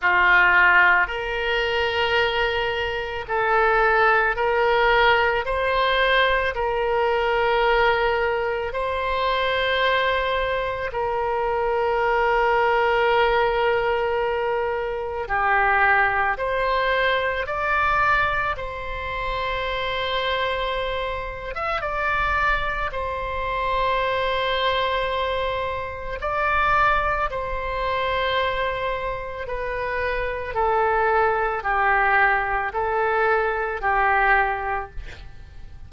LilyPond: \new Staff \with { instrumentName = "oboe" } { \time 4/4 \tempo 4 = 55 f'4 ais'2 a'4 | ais'4 c''4 ais'2 | c''2 ais'2~ | ais'2 g'4 c''4 |
d''4 c''2~ c''8. e''16 | d''4 c''2. | d''4 c''2 b'4 | a'4 g'4 a'4 g'4 | }